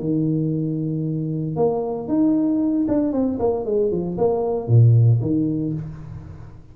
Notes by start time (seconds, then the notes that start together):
0.00 D#3
1.57 A#3
2.08 D#4
2.88 D4
3.13 C4
3.40 A#3
3.66 G#3
3.92 F3
4.18 A#3
4.68 A#2
5.22 D#3